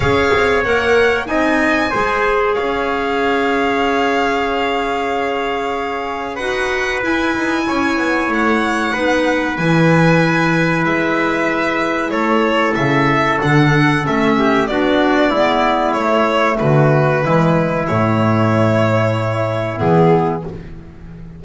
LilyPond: <<
  \new Staff \with { instrumentName = "violin" } { \time 4/4 \tempo 4 = 94 f''4 fis''4 gis''2 | f''1~ | f''2 fis''4 gis''4~ | gis''4 fis''2 gis''4~ |
gis''4 e''2 cis''4 | e''4 fis''4 e''4 d''4~ | d''4 cis''4 b'2 | cis''2. gis'4 | }
  \new Staff \with { instrumentName = "trumpet" } { \time 4/4 cis''2 dis''4 c''4 | cis''1~ | cis''2 b'2 | cis''2 b'2~ |
b'2. a'4~ | a'2~ a'8 g'8 fis'4 | e'2 fis'4 e'4~ | e'1 | }
  \new Staff \with { instrumentName = "clarinet" } { \time 4/4 gis'4 ais'4 dis'4 gis'4~ | gis'1~ | gis'2 fis'4 e'4~ | e'2 dis'4 e'4~ |
e'1~ | e'4 d'4 cis'4 d'4 | b4 a2 gis4 | a2. b4 | }
  \new Staff \with { instrumentName = "double bass" } { \time 4/4 cis'8 c'8 ais4 c'4 gis4 | cis'1~ | cis'2 dis'4 e'8 dis'8 | cis'8 b8 a4 b4 e4~ |
e4 gis2 a4 | cis4 d4 a4 b4 | gis4 a4 d4 e4 | a,2. e4 | }
>>